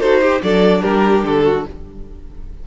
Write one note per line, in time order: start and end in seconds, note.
0.00 0.41 D#4
0.00 0.22 F#4
0.00 0.21 A4
0.00 0.42 C5
0.22 0.42 G4
0.43 0.84 F#3
0.43 1.65 D4
0.43 0.82 A4
0.43 0.83 D5
0.82 1.24 G3
0.82 1.43 G4
0.82 1.23 A#4
1.24 1.65 D3
1.24 1.67 A4
1.44 1.65 F#4